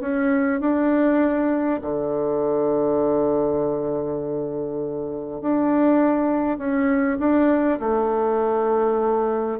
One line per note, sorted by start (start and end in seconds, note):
0.00 0.60 C#4
0.60 1.80 D4
1.81 5.41 D3
5.41 6.58 D4
6.58 7.18 C#4
7.19 7.79 D4
7.79 9.59 A3